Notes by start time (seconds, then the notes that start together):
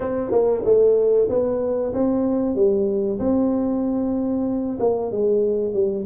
0.00 C4
0.31 A#3
0.64 A3
1.29 B3
1.93 C4
2.55 G3
3.19 C4
4.79 A#3
5.11 G#3
5.73 G3